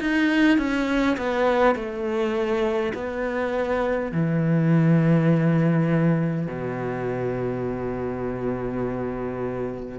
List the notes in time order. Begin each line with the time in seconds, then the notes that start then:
0.00 D#4
0.58 C#4
1.17 B3
1.75 A3
2.94 B3
4.12 E3
6.47 B2